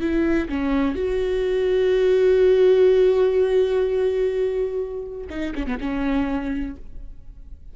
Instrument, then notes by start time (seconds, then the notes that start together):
viola
0.00 E4
0.48 C#4
0.95 F#4
5.29 D#4
5.54 C#4
5.66 B3
5.80 C#4